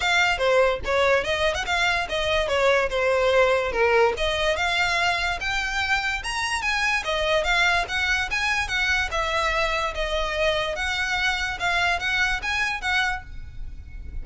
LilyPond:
\new Staff \with { instrumentName = "violin" } { \time 4/4 \tempo 4 = 145 f''4 c''4 cis''4 dis''8. fis''16 | f''4 dis''4 cis''4 c''4~ | c''4 ais'4 dis''4 f''4~ | f''4 g''2 ais''4 |
gis''4 dis''4 f''4 fis''4 | gis''4 fis''4 e''2 | dis''2 fis''2 | f''4 fis''4 gis''4 fis''4 | }